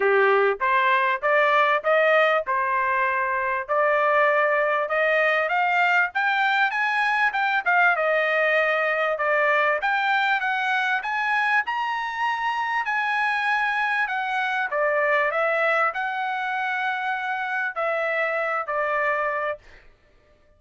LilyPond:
\new Staff \with { instrumentName = "trumpet" } { \time 4/4 \tempo 4 = 98 g'4 c''4 d''4 dis''4 | c''2 d''2 | dis''4 f''4 g''4 gis''4 | g''8 f''8 dis''2 d''4 |
g''4 fis''4 gis''4 ais''4~ | ais''4 gis''2 fis''4 | d''4 e''4 fis''2~ | fis''4 e''4. d''4. | }